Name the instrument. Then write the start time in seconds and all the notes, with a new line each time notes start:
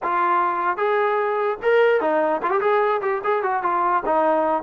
trombone
0.03 F4
0.77 G#4
1.62 A#4
2.01 D#4
2.42 F4
2.50 G4
2.61 G#4
3.01 G4
3.23 G#4
3.42 F#4
3.63 F4
4.05 D#4